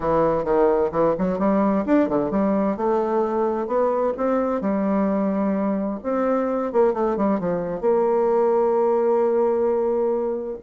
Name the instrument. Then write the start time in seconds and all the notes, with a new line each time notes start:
bassoon
0.00 E3
0.44 D#3
0.91 E3
1.18 F#3
1.38 G3
1.85 D4
2.09 D3
2.30 G3
2.76 A3
3.67 B3
4.17 C4
4.61 G3
6.03 C4
6.72 A#3
6.93 A3
7.16 G3
7.39 F3
7.80 A#3